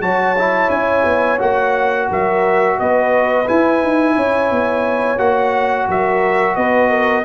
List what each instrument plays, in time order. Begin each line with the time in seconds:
0.00 tuba F#3, trombone F#4, horn C#5, trumpet A5
0.38 trombone E4
0.70 tuba C#4, trumpet G#5
1.04 tuba B3
1.39 tuba A#3, trombone F#4, trumpet F#5
2.09 tuba F#3, horn A#4, trumpet E5
2.79 tuba B3, horn B4, trumpet D#5
3.47 trombone E4, tuba E4, trumpet G#5
3.83 tuba D#4
4.16 tuba C#4, horn C#5
4.51 tuba B3
5.18 tuba A#3, trombone F#4, trumpet F#5
5.89 tuba F#3, horn A#4, trumpet E5
6.56 tuba B3, horn B4, trumpet D#5
6.89 horn A#4